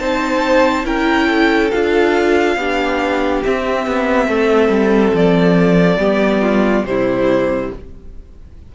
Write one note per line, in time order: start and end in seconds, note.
0.00 0.85 C4
0.00 0.85 D#4
0.00 0.87 C5
0.00 0.86 A5
0.85 1.71 C#4
0.85 1.71 E4
0.85 1.28 A#4
0.85 1.71 G5
1.28 2.56 A4
1.71 2.57 D4
1.71 2.59 F4
1.71 3.43 F5
2.57 3.42 B3
2.57 3.44 D4
2.57 4.29 G4
3.44 6.00 C4
3.44 3.87 C4
3.44 5.16 E5
3.87 4.29 B3
4.29 4.70 A3
4.29 6.00 A4
4.70 5.12 G3
5.14 5.98 F3
5.14 6.86 D5
5.98 6.84 G3
5.98 6.86 B3
5.98 6.42 G4
6.42 6.85 F4
6.84 7.70 C3
6.84 7.74 G3
6.84 7.76 E4
6.84 7.72 C5